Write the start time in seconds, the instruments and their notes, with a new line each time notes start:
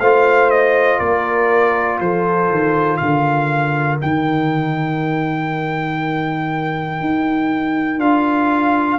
0.00 tuba A3, trombone F4, horn C5, trumpet F5
0.51 trumpet D#5
1.00 tuba A#3, horn A#4, trumpet D5
2.00 tuba F3, horn A4, trumpet C5
2.50 tuba D#3
2.97 tuba D3, horn A#4, trumpet F5
4.01 tuba D#3, trombone D#4, trumpet G5
7.01 tuba D#4
7.99 tuba D4, trombone F4, trumpet F5